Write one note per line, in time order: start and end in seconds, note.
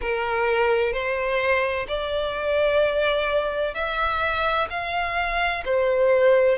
0.01 0.92 A#4
0.92 1.86 C5
1.87 3.74 D5
3.74 4.67 E5
4.70 5.63 F5
5.65 6.58 C5